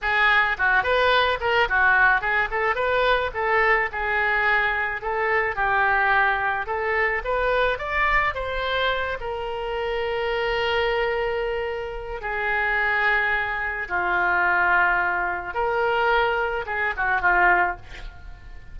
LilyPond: \new Staff \with { instrumentName = "oboe" } { \time 4/4 \tempo 4 = 108 gis'4 fis'8 b'4 ais'8 fis'4 | gis'8 a'8 b'4 a'4 gis'4~ | gis'4 a'4 g'2 | a'4 b'4 d''4 c''4~ |
c''8 ais'2.~ ais'8~ | ais'2 gis'2~ | gis'4 f'2. | ais'2 gis'8 fis'8 f'4 | }